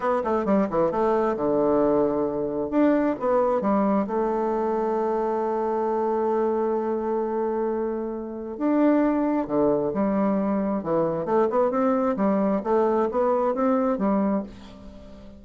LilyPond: \new Staff \with { instrumentName = "bassoon" } { \time 4/4 \tempo 4 = 133 b8 a8 g8 e8 a4 d4~ | d2 d'4 b4 | g4 a2.~ | a1~ |
a2. d'4~ | d'4 d4 g2 | e4 a8 b8 c'4 g4 | a4 b4 c'4 g4 | }